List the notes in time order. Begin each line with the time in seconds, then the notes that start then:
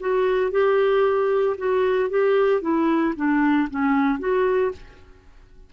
0.00 F#4
0.51 G4
1.57 F#4
2.10 G4
2.61 E4
3.16 D4
3.70 C#4
4.19 F#4